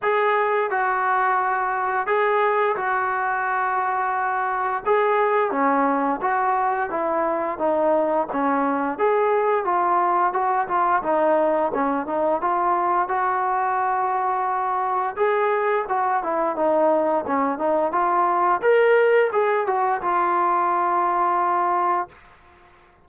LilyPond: \new Staff \with { instrumentName = "trombone" } { \time 4/4 \tempo 4 = 87 gis'4 fis'2 gis'4 | fis'2. gis'4 | cis'4 fis'4 e'4 dis'4 | cis'4 gis'4 f'4 fis'8 f'8 |
dis'4 cis'8 dis'8 f'4 fis'4~ | fis'2 gis'4 fis'8 e'8 | dis'4 cis'8 dis'8 f'4 ais'4 | gis'8 fis'8 f'2. | }